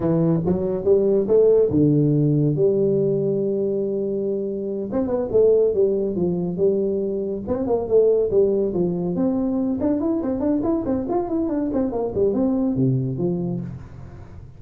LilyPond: \new Staff \with { instrumentName = "tuba" } { \time 4/4 \tempo 4 = 141 e4 fis4 g4 a4 | d2 g2~ | g2.~ g8 c'8 | b8 a4 g4 f4 g8~ |
g4. c'8 ais8 a4 g8~ | g8 f4 c'4. d'8 e'8 | c'8 d'8 e'8 c'8 f'8 e'8 d'8 c'8 | ais8 g8 c'4 c4 f4 | }